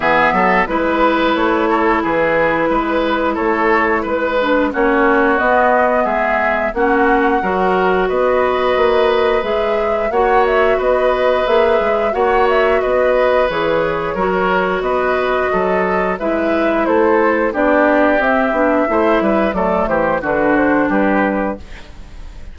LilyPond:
<<
  \new Staff \with { instrumentName = "flute" } { \time 4/4 \tempo 4 = 89 e''4 b'4 cis''4 b'4~ | b'4 cis''4 b'4 cis''4 | dis''4 e''4 fis''2 | dis''2 e''4 fis''8 e''8 |
dis''4 e''4 fis''8 e''8 dis''4 | cis''2 dis''2 | e''4 c''4 d''4 e''4~ | e''4 d''8 c''8 b'8 c''8 b'4 | }
  \new Staff \with { instrumentName = "oboe" } { \time 4/4 gis'8 a'8 b'4. a'8 gis'4 | b'4 a'4 b'4 fis'4~ | fis'4 gis'4 fis'4 ais'4 | b'2. cis''4 |
b'2 cis''4 b'4~ | b'4 ais'4 b'4 a'4 | b'4 a'4 g'2 | c''8 b'8 a'8 g'8 fis'4 g'4 | }
  \new Staff \with { instrumentName = "clarinet" } { \time 4/4 b4 e'2.~ | e'2~ e'8 d'8 cis'4 | b2 cis'4 fis'4~ | fis'2 gis'4 fis'4~ |
fis'4 gis'4 fis'2 | gis'4 fis'2. | e'2 d'4 c'8 d'8 | e'4 a4 d'2 | }
  \new Staff \with { instrumentName = "bassoon" } { \time 4/4 e8 fis8 gis4 a4 e4 | gis4 a4 gis4 ais4 | b4 gis4 ais4 fis4 | b4 ais4 gis4 ais4 |
b4 ais8 gis8 ais4 b4 | e4 fis4 b4 fis4 | gis4 a4 b4 c'8 b8 | a8 g8 fis8 e8 d4 g4 | }
>>